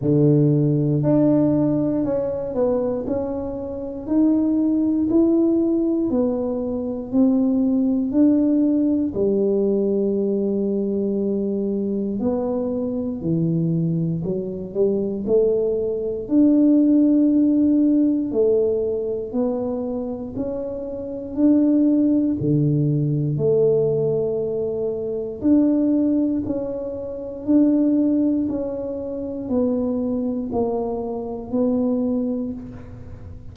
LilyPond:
\new Staff \with { instrumentName = "tuba" } { \time 4/4 \tempo 4 = 59 d4 d'4 cis'8 b8 cis'4 | dis'4 e'4 b4 c'4 | d'4 g2. | b4 e4 fis8 g8 a4 |
d'2 a4 b4 | cis'4 d'4 d4 a4~ | a4 d'4 cis'4 d'4 | cis'4 b4 ais4 b4 | }